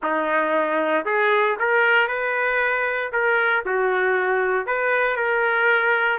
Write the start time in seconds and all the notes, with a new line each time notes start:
0.03 D#4
1.05 G#4
1.59 A#4
2.08 B4
3.12 A#4
3.65 F#4
4.66 B4
5.16 A#4